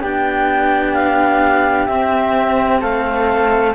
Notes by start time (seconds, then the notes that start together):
0.00 B3 D4 G4 G5
0.94 F5
1.86 C4 E5
2.80 A3 A4 F5